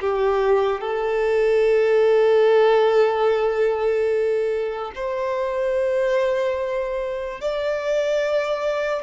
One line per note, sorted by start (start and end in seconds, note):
0.00 0.80 G4
0.80 4.91 A4
4.95 7.40 C5
7.40 9.03 D5